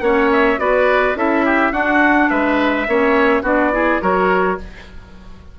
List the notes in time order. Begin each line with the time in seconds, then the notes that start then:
0.00 A#3 C#4 C#5 F#5
0.32 E5
0.58 B3 F#4 B4 D5
1.15 C#4 E4 A4 E5
1.45 G4
1.72 D4 F#4 F#5
2.30 G#3 B4 E5
2.87 A#3 C#4 C#5
3.42 B3 D4 F#4 D5
3.72 E4 G#4
4.01 F#3 F#4 A#4 C#5